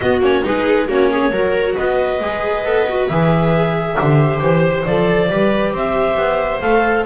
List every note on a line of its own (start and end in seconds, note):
0.00 0.19 B3
0.00 0.22 B3
0.00 0.45 F#4
0.00 0.21 D#5
0.19 0.41 A#3
0.19 0.43 C#4
0.19 0.45 C#5
0.43 0.88 G#3
0.43 0.87 D#4
0.43 0.87 G#4
0.43 0.89 B4
0.87 1.31 A#3
0.87 1.32 C#4
0.87 1.09 F#4
0.87 1.76 C#5
1.11 1.32 G#4
1.31 1.75 F#3
1.31 2.20 F#4
1.31 1.75 A#4
1.75 2.20 B3
1.75 3.96 B4
1.75 3.07 D#5
2.20 2.64 G#3
2.20 2.65 G#4
2.64 3.08 B3
2.64 2.87 A4
2.88 3.10 F#4
3.07 3.97 E3
3.07 3.97 G#4
3.07 4.40 E5
3.97 4.40 D3
3.97 4.85 G4
3.97 5.31 C5
4.40 4.85 E3
4.40 4.85 C5
4.85 5.29 F3
4.85 5.27 A4
4.85 5.73 D5
5.27 5.71 G3
5.27 6.60 G4
5.27 5.74 B4
5.71 6.16 C4
5.71 7.05 C5
5.71 6.60 E5
6.16 6.60 B3
6.60 7.05 A3
6.60 7.05 A4
6.60 7.04 F5